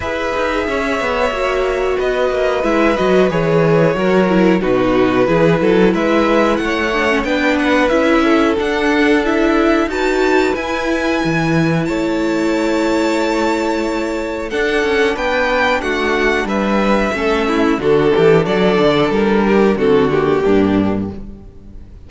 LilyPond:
<<
  \new Staff \with { instrumentName = "violin" } { \time 4/4 \tempo 4 = 91 e''2. dis''4 | e''8 dis''8 cis''2 b'4~ | b'4 e''4 fis''4 g''8 fis''8 | e''4 fis''4 e''4 a''4 |
gis''2 a''2~ | a''2 fis''4 g''4 | fis''4 e''2 a'4 | d''4 ais'4 a'8 g'4. | }
  \new Staff \with { instrumentName = "violin" } { \time 4/4 b'4 cis''2 b'4~ | b'2 ais'4 fis'4 | gis'8 a'8 b'4 cis''4 b'4~ | b'8 a'2~ a'8 b'4~ |
b'2 cis''2~ | cis''2 a'4 b'4 | fis'4 b'4 a'8 e'8 fis'8 g'8 | a'4. g'8 fis'4 d'4 | }
  \new Staff \with { instrumentName = "viola" } { \time 4/4 gis'2 fis'2 | e'8 fis'8 gis'4 fis'8 e'8 dis'4 | e'2~ e'8 d'16 cis'16 d'4 | e'4 d'4 e'4 fis'4 |
e'1~ | e'2 d'2~ | d'2 cis'4 d'4~ | d'2 c'8 ais4. | }
  \new Staff \with { instrumentName = "cello" } { \time 4/4 e'8 dis'8 cis'8 b8 ais4 b8 ais8 | gis8 fis8 e4 fis4 b,4 | e8 fis8 gis4 a4 b4 | cis'4 d'2 dis'4 |
e'4 e4 a2~ | a2 d'8 cis'8 b4 | a4 g4 a4 d8 e8 | fis8 d8 g4 d4 g,4 | }
>>